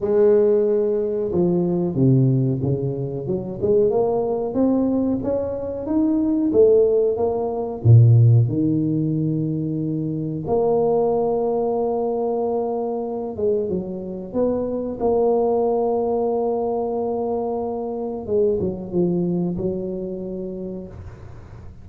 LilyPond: \new Staff \with { instrumentName = "tuba" } { \time 4/4 \tempo 4 = 92 gis2 f4 c4 | cis4 fis8 gis8 ais4 c'4 | cis'4 dis'4 a4 ais4 | ais,4 dis2. |
ais1~ | ais8 gis8 fis4 b4 ais4~ | ais1 | gis8 fis8 f4 fis2 | }